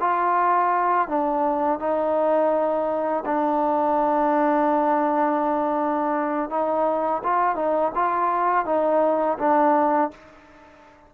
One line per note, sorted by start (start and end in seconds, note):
0.00 1.08 F4
1.08 1.79 D4
1.79 3.24 D#4
3.25 6.50 D4
6.50 7.22 D#4
7.23 7.55 F4
7.55 7.92 D#4
7.95 8.65 F4
8.65 9.37 D#4
9.38 10.10 D4